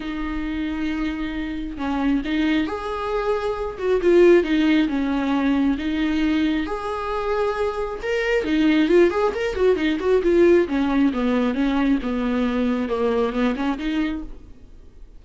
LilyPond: \new Staff \with { instrumentName = "viola" } { \time 4/4 \tempo 4 = 135 dis'1 | cis'4 dis'4 gis'2~ | gis'8 fis'8 f'4 dis'4 cis'4~ | cis'4 dis'2 gis'4~ |
gis'2 ais'4 dis'4 | f'8 gis'8 ais'8 fis'8 dis'8 fis'8 f'4 | cis'4 b4 cis'4 b4~ | b4 ais4 b8 cis'8 dis'4 | }